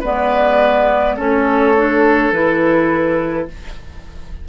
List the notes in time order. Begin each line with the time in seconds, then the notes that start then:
0.00 G#3 B3 B4 D5
1.16 A3 C#4 A4 C#5
1.77 D4
2.31 E3 E4 B4